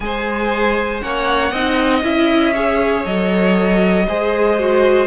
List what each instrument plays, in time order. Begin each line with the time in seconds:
0.00 cello G#3, viola G#4, violin C5 G#5
1.00 cello A#3, viola C#4, violin C#5 F#5
1.51 cello C4, viola D#4, violin D#5
2.03 cello C#4, viola E4, violin E5
2.53 viola G#4, violin C#5
3.05 cello F#3, viola A4, violin D#5
4.07 cello G#3, viola G#4, violin C5
4.59 viola F#4